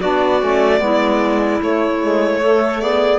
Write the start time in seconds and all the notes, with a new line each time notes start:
0.00 B3 D4 F#4 D5
0.40 A3 C#4
0.79 G#3 B3 E4
1.60 A3 C#5
2.00 G#3
2.42 A3 A4
2.80 B3 G#4 D5